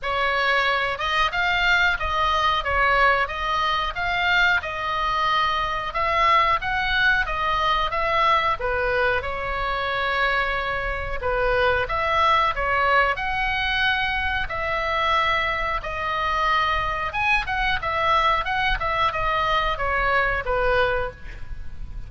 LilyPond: \new Staff \with { instrumentName = "oboe" } { \time 4/4 \tempo 4 = 91 cis''4. dis''8 f''4 dis''4 | cis''4 dis''4 f''4 dis''4~ | dis''4 e''4 fis''4 dis''4 | e''4 b'4 cis''2~ |
cis''4 b'4 e''4 cis''4 | fis''2 e''2 | dis''2 gis''8 fis''8 e''4 | fis''8 e''8 dis''4 cis''4 b'4 | }